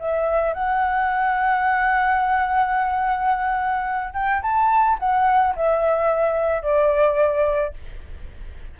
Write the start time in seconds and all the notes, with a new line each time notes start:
0.00 E5
0.54 F#5
4.14 G5
4.42 A5
4.99 F#5
5.56 E5
6.63 D5